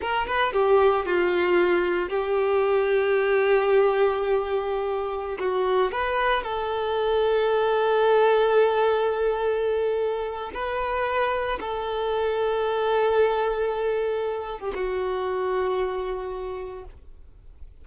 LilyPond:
\new Staff \with { instrumentName = "violin" } { \time 4/4 \tempo 4 = 114 ais'8 b'8 g'4 f'2 | g'1~ | g'2~ g'16 fis'4 b'8.~ | b'16 a'2.~ a'8.~ |
a'1 | b'2 a'2~ | a'2.~ a'8. g'16 | fis'1 | }